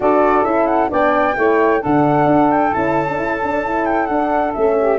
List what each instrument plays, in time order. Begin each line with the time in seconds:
0.00 tuba D4, horn F#4, saxophone A4, flute D5
0.43 tuba C#4, horn E4, flute E5
0.66 flute F#5
0.89 tuba B3, horn D4, saxophone D5, flute G5
1.36 tuba A3, horn E4, saxophone C#5
1.80 tuba D3, horn D4, saxophone A4, flute F#5
2.25 tuba D4
2.51 flute G5
2.73 tuba C#4, horn E4, flute A5
3.09 horn D4
3.17 horn E4
3.43 horn D4
3.65 horn E4
3.85 flute G5
4.06 tuba D4, horn D4, flute F#5
4.53 tuba A3, horn C#4, flute E5
4.77 saxophone G4